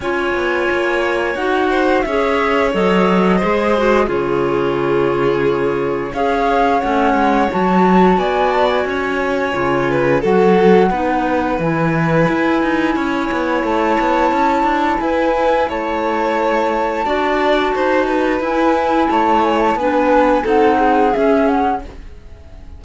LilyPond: <<
  \new Staff \with { instrumentName = "flute" } { \time 4/4 \tempo 4 = 88 gis''2 fis''4 e''4 | dis''2 cis''2~ | cis''4 f''4 fis''4 a''4 | gis''8 a''16 gis''2~ gis''16 fis''4~ |
fis''4 gis''2. | a''2 gis''4 a''4~ | a''2. gis''4 | a''8 gis''16 a''16 gis''4 fis''4 e''8 fis''8 | }
  \new Staff \with { instrumentName = "violin" } { \time 4/4 cis''2~ cis''8 c''8 cis''4~ | cis''4 c''4 gis'2~ | gis'4 cis''2. | d''4 cis''4. b'8 a'4 |
b'2. cis''4~ | cis''2 b'4 cis''4~ | cis''4 d''4 c''8 b'4. | cis''4 b'4 a'8 gis'4. | }
  \new Staff \with { instrumentName = "clarinet" } { \time 4/4 f'2 fis'4 gis'4 | a'4 gis'8 fis'8 f'2~ | f'4 gis'4 cis'4 fis'4~ | fis'2 f'4 fis'4 |
dis'4 e'2.~ | e'1~ | e'4 fis'2 e'4~ | e'4 d'4 dis'4 cis'4 | }
  \new Staff \with { instrumentName = "cello" } { \time 4/4 cis'8 b8 ais4 dis'4 cis'4 | fis4 gis4 cis2~ | cis4 cis'4 a8 gis8 fis4 | b4 cis'4 cis4 fis4 |
b4 e4 e'8 dis'8 cis'8 b8 | a8 b8 cis'8 d'8 e'4 a4~ | a4 d'4 dis'4 e'4 | a4 b4 c'4 cis'4 | }
>>